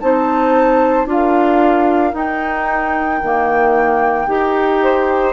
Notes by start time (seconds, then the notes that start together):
0.00 C4 D#4 C5 A5
1.06 D4 F4 A#4 F5
2.12 D#4 G5
3.22 D#3 A#3
4.27 D#4 G4
4.82 C5